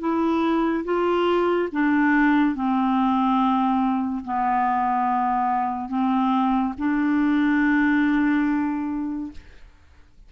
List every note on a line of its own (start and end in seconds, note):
0.00 0.85 E4
0.85 1.69 F4
1.73 2.55 D4
2.55 4.24 C4
4.25 5.89 B3
5.89 6.74 C4
6.78 9.32 D4